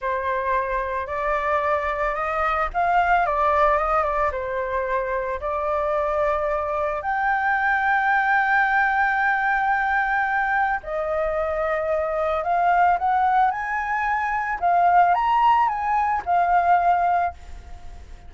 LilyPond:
\new Staff \with { instrumentName = "flute" } { \time 4/4 \tempo 4 = 111 c''2 d''2 | dis''4 f''4 d''4 dis''8 d''8 | c''2 d''2~ | d''4 g''2.~ |
g''1 | dis''2. f''4 | fis''4 gis''2 f''4 | ais''4 gis''4 f''2 | }